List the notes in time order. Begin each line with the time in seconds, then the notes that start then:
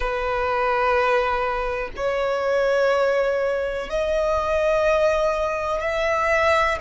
0.00 B4
1.96 C#5
3.89 D#5
5.81 E5